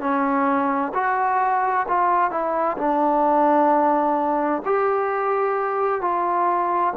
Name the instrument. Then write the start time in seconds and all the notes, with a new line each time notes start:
trombone
0.00 C#4
0.94 F#4
1.88 F4
2.31 E4
2.78 D4
4.65 G4
6.01 F4